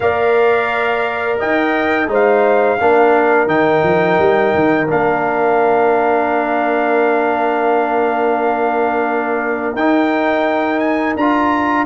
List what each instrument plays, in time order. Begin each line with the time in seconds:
0.00 tuba A#3, trombone A#4, horn D5, trumpet F5
1.39 tuba D#4, horn D#5, trumpet G5
2.07 tuba G#3, trombone D#4, horn C5
2.14 trumpet F5
2.80 tuba A#3, trombone D4, horn A#4
3.46 tuba D#3, trombone D#4, trumpet G5
3.83 tuba F3
4.18 tuba G3
4.54 tuba D#3
4.87 tuba A#3, trombone D4, trumpet F5
9.75 tuba D#4, trombone D#4, trumpet G5
10.79 trumpet G#5
11.15 tuba D4, trombone F4, trumpet A#5